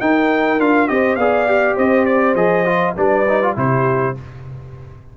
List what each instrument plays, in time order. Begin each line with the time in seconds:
0.00 tuba D#4, trombone D#4, horn A#4, trumpet G5
0.59 tuba D4, trombone F4, trumpet F5
0.87 tuba C4, trombone G4, horn C5, trumpet D#5
1.15 tuba B3, trombone G#4, horn D5, trumpet F5
1.47 trombone G4
1.75 tuba C4, horn C5, trumpet D#5
2.05 trumpet D5
2.34 tuba F3, trombone G#4, trumpet D#5
2.65 trombone F4
2.96 tuba G3, trombone D4, horn B4, trumpet D5
3.28 trombone D#4
3.42 trombone F4
3.55 tuba C3, trombone E4, horn G4, trumpet C5